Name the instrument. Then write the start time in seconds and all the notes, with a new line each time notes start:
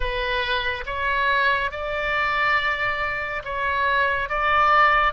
oboe
0.00 B4
0.86 C#5
1.71 D5
3.44 C#5
4.29 D5